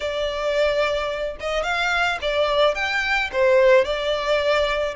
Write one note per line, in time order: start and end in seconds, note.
0.00 1.36 D5
1.39 1.63 D#5
1.63 2.18 F5
2.21 2.74 D5
2.74 3.30 G5
3.32 3.84 C5
3.84 4.94 D5